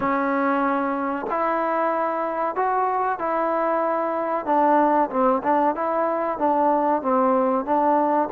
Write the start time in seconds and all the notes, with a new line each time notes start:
0.00 C#4
1.30 E4
2.55 F#4
3.18 E4
4.45 D4
5.09 C4
5.43 D4
5.75 E4
6.38 D4
7.02 C4
7.65 D4